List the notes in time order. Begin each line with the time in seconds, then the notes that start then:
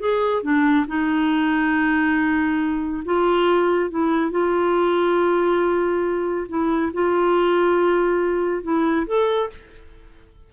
0.00 G#4
0.43 D4
0.88 D#4
3.05 F4
3.91 E4
4.31 F4
6.49 E4
6.94 F4
8.64 E4
9.07 A4